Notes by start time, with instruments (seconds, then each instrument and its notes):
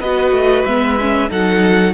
0.00 cello B3, viola F#4, violin B4 D#5
0.31 cello A3
0.65 cello G#3, viola B3, violin E5
1.00 viola C#4
1.29 cello F#3, viola D#4, violin A4 F#5